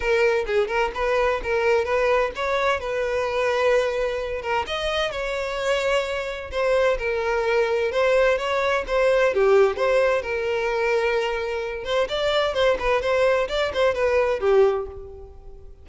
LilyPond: \new Staff \with { instrumentName = "violin" } { \time 4/4 \tempo 4 = 129 ais'4 gis'8 ais'8 b'4 ais'4 | b'4 cis''4 b'2~ | b'4. ais'8 dis''4 cis''4~ | cis''2 c''4 ais'4~ |
ais'4 c''4 cis''4 c''4 | g'4 c''4 ais'2~ | ais'4. c''8 d''4 c''8 b'8 | c''4 d''8 c''8 b'4 g'4 | }